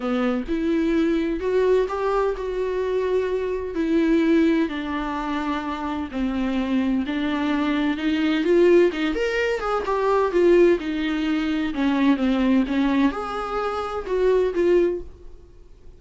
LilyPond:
\new Staff \with { instrumentName = "viola" } { \time 4/4 \tempo 4 = 128 b4 e'2 fis'4 | g'4 fis'2. | e'2 d'2~ | d'4 c'2 d'4~ |
d'4 dis'4 f'4 dis'8 ais'8~ | ais'8 gis'8 g'4 f'4 dis'4~ | dis'4 cis'4 c'4 cis'4 | gis'2 fis'4 f'4 | }